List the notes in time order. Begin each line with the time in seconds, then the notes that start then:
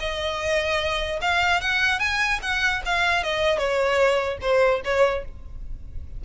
0.00 D#5
1.21 F5
1.61 F#5
1.99 G#5
2.42 F#5
2.85 F5
3.24 D#5
3.58 C#5
4.42 C5
4.85 C#5